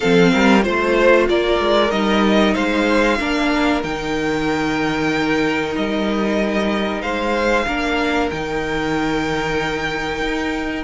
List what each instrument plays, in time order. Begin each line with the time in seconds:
0.00 cello F3, viola C4, violin A4 F5
0.32 cello G3, violin A#4
0.61 cello A3, viola F4, violin C5
1.29 cello A#3, violin A#4 D5
1.60 cello G#3
1.90 cello G3, viola D#4, violin D#5
2.54 cello G#3, violin C5 F5
3.19 cello A#3, viola D4, violin A#4
3.83 cello D#3, viola D#4, violin G5
5.76 cello G3, violin D#5
7.01 cello G#3, violin C5 F5
7.66 cello A#3, viola D4, violin A#4
8.30 cello D#3, viola D#4, violin G5
10.21 cello D#4